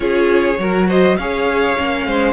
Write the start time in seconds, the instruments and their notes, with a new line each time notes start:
0.00 cello C#4, viola F4, violin G#4 C#5
0.58 cello F#3, viola F#4, violin A#4
0.88 violin C5 D#5
1.17 cello C#4, viola G#4, violin C#5 F5
1.77 cello A#3, viola C#4
2.06 cello G#3, violin C5